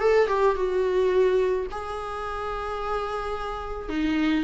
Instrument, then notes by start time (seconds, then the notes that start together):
viola
0.00 A4
0.28 G4
0.56 F#4
1.72 G#4
3.89 D#4